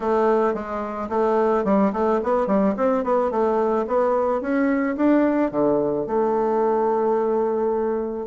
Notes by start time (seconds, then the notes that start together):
0.00 A3
0.54 G#3
1.09 A3
1.64 G3
1.92 A3
2.23 B3
2.46 G3
2.76 C4
3.04 B3
3.30 A3
3.87 B3
4.41 C#4
4.96 D4
5.51 D3
6.06 A3